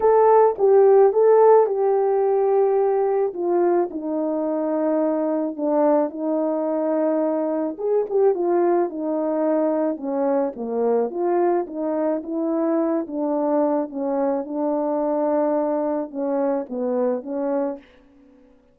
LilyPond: \new Staff \with { instrumentName = "horn" } { \time 4/4 \tempo 4 = 108 a'4 g'4 a'4 g'4~ | g'2 f'4 dis'4~ | dis'2 d'4 dis'4~ | dis'2 gis'8 g'8 f'4 |
dis'2 cis'4 ais4 | f'4 dis'4 e'4. d'8~ | d'4 cis'4 d'2~ | d'4 cis'4 b4 cis'4 | }